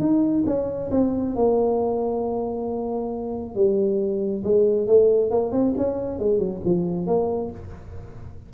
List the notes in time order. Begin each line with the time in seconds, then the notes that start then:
0.00 D#4
0.47 C#4
0.92 C4
1.36 A#3
3.55 G3
4.44 G#3
4.88 A3
5.31 A#3
5.52 C4
5.77 C#4
6.19 G#3
6.39 F#3
6.65 F3
7.07 A#3